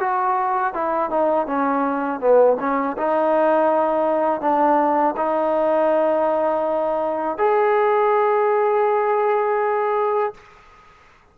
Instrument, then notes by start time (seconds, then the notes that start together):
trombone
0.00 F#4
0.74 E4
1.10 D#4
1.47 C#4
2.20 B3
2.60 C#4
2.98 D#4
4.41 D4
5.17 D#4
7.38 G#4